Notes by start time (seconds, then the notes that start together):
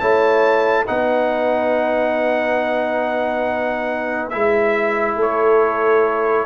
0.00 A3 E4 C#5 A5
0.85 B3 D#4 B4 F#5
4.29 G#3 E4 E5
5.16 A3 A4 C#5